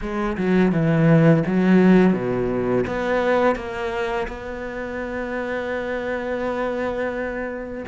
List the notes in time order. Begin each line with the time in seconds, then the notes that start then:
0.01 G#3
0.37 F#3
0.71 E3
1.46 F#3
2.13 B2
2.86 B3
3.55 A#3
4.27 B3